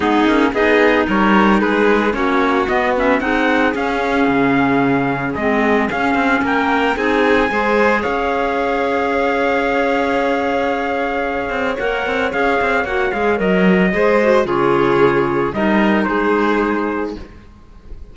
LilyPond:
<<
  \new Staff \with { instrumentName = "trumpet" } { \time 4/4 \tempo 4 = 112 gis'4 dis''4 cis''4 b'4 | cis''4 dis''8 e''8 fis''4 f''4~ | f''2 dis''4 f''4 | g''4 gis''2 f''4~ |
f''1~ | f''2 fis''4 f''4 | fis''8 f''8 dis''2 cis''4~ | cis''4 dis''4 c''2 | }
  \new Staff \with { instrumentName = "violin" } { \time 4/4 dis'4 gis'4 ais'4 gis'4 | fis'2 gis'2~ | gis'1 | ais'4 gis'4 c''4 cis''4~ |
cis''1~ | cis''1~ | cis''2 c''4 gis'4~ | gis'4 ais'4 gis'2 | }
  \new Staff \with { instrumentName = "clarinet" } { \time 4/4 b8 cis'8 dis'2. | cis'4 b8 cis'8 dis'4 cis'4~ | cis'2 c'4 cis'4~ | cis'4 dis'4 gis'2~ |
gis'1~ | gis'2 ais'4 gis'4 | fis'8 gis'8 ais'4 gis'8 fis'8 f'4~ | f'4 dis'2. | }
  \new Staff \with { instrumentName = "cello" } { \time 4/4 gis8 ais8 b4 g4 gis4 | ais4 b4 c'4 cis'4 | cis2 gis4 cis'8 c'8 | ais4 c'4 gis4 cis'4~ |
cis'1~ | cis'4. c'8 ais8 c'8 cis'8 c'8 | ais8 gis8 fis4 gis4 cis4~ | cis4 g4 gis2 | }
>>